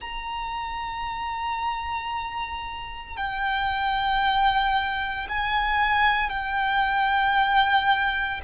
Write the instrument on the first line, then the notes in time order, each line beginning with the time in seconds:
violin
0.00 A#5
3.16 G5
5.29 G#5
6.29 G5